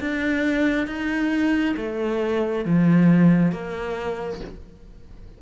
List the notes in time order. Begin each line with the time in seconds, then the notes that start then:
0.00 D4
0.87 D#4
1.76 A3
2.65 F3
3.52 A#3